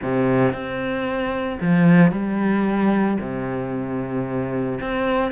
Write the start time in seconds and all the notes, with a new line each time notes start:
0.02 C3
0.52 C4
1.61 F3
2.11 G3
3.20 C3
4.80 C4